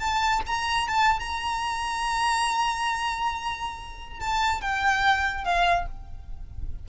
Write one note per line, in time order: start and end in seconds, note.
0.00 0.42 A5
0.47 0.88 A#5
0.88 1.20 A5
1.20 4.20 A#5
4.20 4.62 A5
4.62 5.45 G5
5.45 5.86 F5